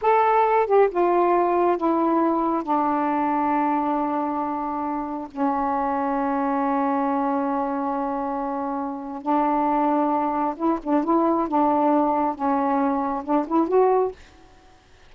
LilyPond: \new Staff \with { instrumentName = "saxophone" } { \time 4/4 \tempo 4 = 136 a'4. g'8 f'2 | e'2 d'2~ | d'1 | cis'1~ |
cis'1~ | cis'4 d'2. | e'8 d'8 e'4 d'2 | cis'2 d'8 e'8 fis'4 | }